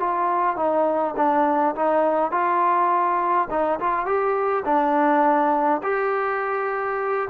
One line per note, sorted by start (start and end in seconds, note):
0.00 0.57 F4
0.57 1.15 D#4
1.17 1.75 D4
1.76 2.32 D#4
2.32 3.48 F4
3.51 3.80 D#4
3.80 4.06 F4
4.06 4.64 G4
4.65 5.82 D4
5.83 7.29 G4